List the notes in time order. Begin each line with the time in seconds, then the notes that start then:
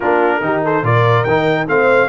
0.00 A#3 D4 F4 A#4
0.41 D#3 D#4 G4
0.64 A4 C5
0.83 A#2 F4 A#4 D5
1.24 D#3 D#4 G5
1.67 A3 C4 C5 F5